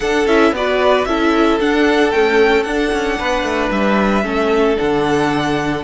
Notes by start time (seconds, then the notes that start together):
0.00 D4 A4 F#5
0.26 C#4 E4 E5
0.51 B3 F#4 B4 D5
1.05 C#4 E4 A4 E5
1.59 D4 F#5
2.10 A3 C#4 G5
2.63 D4 F#5
2.92 C#4
3.18 B3 B4
3.43 A3
3.70 G3 E5
4.23 A3 C#4 A4
4.76 D3 D4 F#5